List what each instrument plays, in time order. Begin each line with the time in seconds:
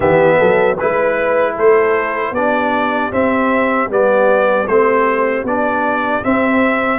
0.00 tuba E3, trombone B3, horn G4, trumpet E5
0.37 tuba F#3, horn A4
0.77 tuba G#3, trombone E4, horn B4, trumpet B4
1.55 tuba A3, horn A4, trumpet C5
2.31 tuba B3, trombone D4, horn G4, trumpet D5
3.11 tuba C4, trombone C4, trumpet E5
3.87 tuba G3, trombone B3, trumpet D5
4.67 tuba A3, trombone C4, trumpet C5
5.43 tuba B3, trombone D4, trumpet D5
6.22 trombone C4, tuba C4, trumpet E5